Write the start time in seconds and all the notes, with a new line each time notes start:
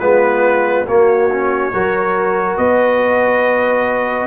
0.00 G#3 B3 F4 B4
0.87 A#3 F#4 C#5
1.31 C#4
1.73 F#3 F#4 A#4
2.57 B3 B4 D#5